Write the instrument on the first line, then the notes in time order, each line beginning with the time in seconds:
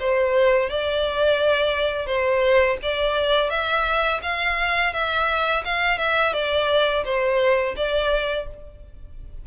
violin
0.00 C5
0.70 D5
2.07 C5
2.83 D5
3.50 E5
4.23 F5
4.93 E5
5.65 F5
5.98 E5
6.34 D5
7.05 C5
7.76 D5